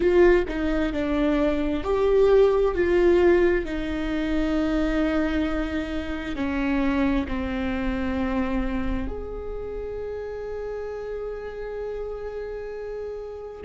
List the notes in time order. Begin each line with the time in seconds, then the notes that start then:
0.00 F4
0.48 D#4
0.92 D4
1.83 G4
2.74 F4
3.65 D#4
6.35 C#4
7.27 C4
9.07 G#4